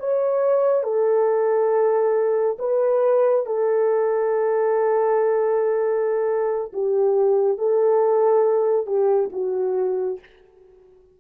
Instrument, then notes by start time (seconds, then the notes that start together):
horn
0.00 C#5
0.83 A4
2.59 B4
3.46 A4
6.73 G4
7.58 A4
8.87 G4
9.33 F#4